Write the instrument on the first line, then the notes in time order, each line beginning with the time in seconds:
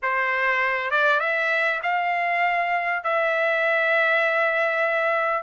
trumpet
0.02 C5
0.90 D5
1.20 E5
1.83 F5
3.03 E5